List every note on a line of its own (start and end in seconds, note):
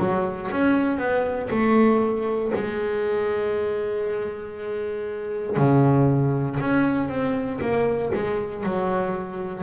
0.00 0.51 F#3
0.52 0.98 C#4
0.98 1.49 B3
1.51 2.52 A3
2.55 5.57 G#3
5.57 6.59 C#3
6.61 7.09 C#4
7.09 7.60 C4
7.62 8.13 A#3
8.15 8.64 G#3
8.64 9.64 F#3